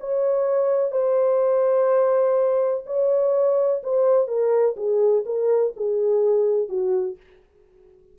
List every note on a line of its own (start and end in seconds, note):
0.00 0.92 C#5
0.92 2.84 C5
2.86 3.82 C#5
3.83 4.28 C5
4.28 4.76 A#4
4.76 5.24 G#4
5.25 5.73 A#4
5.76 6.69 G#4
6.69 7.17 F#4